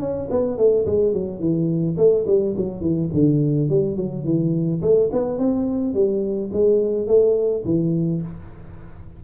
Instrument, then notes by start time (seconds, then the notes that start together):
tuba
0.00 C#4
0.31 B3
0.58 A3
0.86 G#3
1.13 F#3
1.40 E3
1.97 A3
2.27 G3
2.57 F#3
2.81 E3
3.13 D3
3.69 G3
3.96 F#3
4.25 E3
4.82 A3
5.12 B3
5.39 C4
5.94 G3
6.53 G#3
7.07 A3
7.65 E3